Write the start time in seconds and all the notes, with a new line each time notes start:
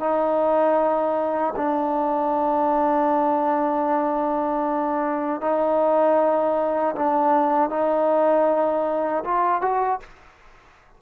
0.00 D#4
1.56 D4
5.41 D#4
6.95 D4
7.70 D#4
9.24 F4
9.62 F#4